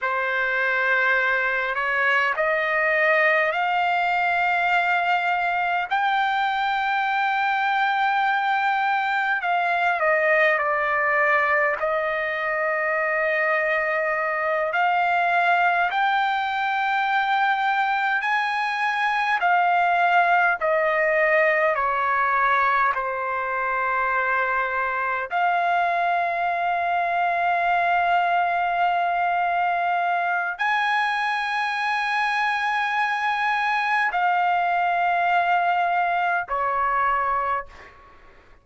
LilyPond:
\new Staff \with { instrumentName = "trumpet" } { \time 4/4 \tempo 4 = 51 c''4. cis''8 dis''4 f''4~ | f''4 g''2. | f''8 dis''8 d''4 dis''2~ | dis''8 f''4 g''2 gis''8~ |
gis''8 f''4 dis''4 cis''4 c''8~ | c''4. f''2~ f''8~ | f''2 gis''2~ | gis''4 f''2 cis''4 | }